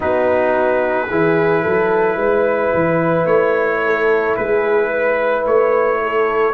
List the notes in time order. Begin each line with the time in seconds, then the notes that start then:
0.00 B3 D#4 F#4 B4
1.08 E3 E4 G#4
1.62 F#3 A4
2.16 G#3 B4
2.73 E3
3.25 A3 C#5
3.85 A4
4.36 G#3 G#4 B4
4.90 B4
5.45 A3 C#5
6.02 A4